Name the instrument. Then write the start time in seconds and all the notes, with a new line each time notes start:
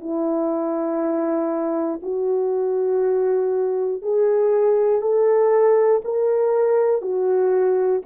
horn
0.00 E4
2.03 F#4
4.03 G#4
5.02 A4
6.05 A#4
7.02 F#4